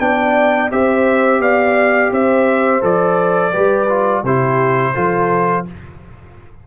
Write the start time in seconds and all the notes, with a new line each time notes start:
0.00 B3 D4 D5 G5
0.71 C4 G4 C5 E5
1.40 B3 D5 F5
2.12 C4 C5 E5
2.81 F3 A4 D5
3.52 G3 G4 B4
3.89 F4
4.22 C3 E4 G4 C5
4.95 F3 F4 A4